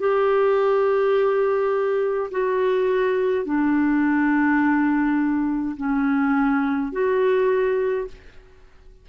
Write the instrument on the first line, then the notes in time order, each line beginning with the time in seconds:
clarinet
0.00 G4
2.31 F#4
3.46 D4
5.77 C#4
6.93 F#4